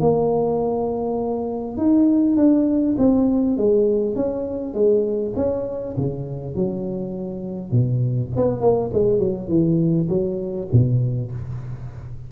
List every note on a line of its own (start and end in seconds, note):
0.00 1.77 A#3
1.77 2.36 D#4
2.37 2.96 D4
2.98 3.57 C4
3.57 4.16 G#3
4.16 4.74 C#4
4.74 5.33 G#3
5.36 5.95 C#4
5.97 6.55 C#3
6.55 7.71 F#3
7.71 8.31 B2
8.36 8.61 B3
8.61 8.90 A#3
8.93 9.18 G#3
9.18 9.48 F#3
9.48 10.07 E3
10.09 10.68 F#3
10.72 11.32 B2